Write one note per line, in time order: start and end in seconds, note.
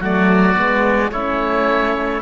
0.00 0.56 F#3
0.00 0.54 A3
0.00 1.11 F#4
0.00 1.11 D5
0.54 1.12 G#3
0.54 1.10 B3
1.11 2.22 A3
1.11 2.22 C#4
1.11 2.22 E4
1.11 2.22 C#5